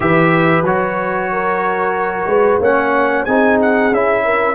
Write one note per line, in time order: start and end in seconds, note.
0.00 0.62 E3
0.00 0.63 G4
0.00 1.32 B4
0.00 0.64 E5
0.62 2.25 F#3
0.62 2.61 F#4
0.62 2.61 C#5
1.32 2.28 A#4
2.26 2.58 G#3
2.26 2.60 B4
2.59 3.24 A#3
2.59 3.27 C#4
2.59 3.24 C#5
2.59 3.25 F#5
3.24 3.91 C4
3.24 3.92 D#4
3.24 4.21 G#4
3.24 3.57 G#5
3.61 3.94 F#5
3.91 4.54 C#4
3.91 4.54 E4
3.91 4.54 E5
4.24 4.54 A#4